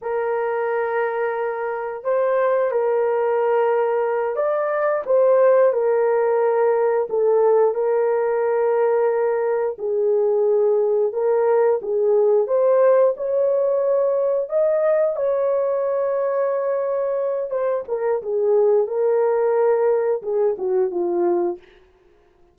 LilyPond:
\new Staff \with { instrumentName = "horn" } { \time 4/4 \tempo 4 = 89 ais'2. c''4 | ais'2~ ais'8 d''4 c''8~ | c''8 ais'2 a'4 ais'8~ | ais'2~ ais'8 gis'4.~ |
gis'8 ais'4 gis'4 c''4 cis''8~ | cis''4. dis''4 cis''4.~ | cis''2 c''8 ais'8 gis'4 | ais'2 gis'8 fis'8 f'4 | }